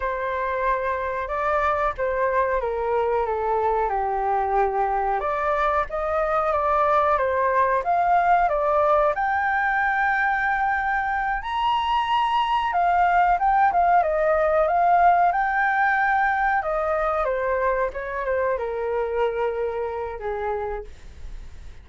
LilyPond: \new Staff \with { instrumentName = "flute" } { \time 4/4 \tempo 4 = 92 c''2 d''4 c''4 | ais'4 a'4 g'2 | d''4 dis''4 d''4 c''4 | f''4 d''4 g''2~ |
g''4. ais''2 f''8~ | f''8 g''8 f''8 dis''4 f''4 g''8~ | g''4. dis''4 c''4 cis''8 | c''8 ais'2~ ais'8 gis'4 | }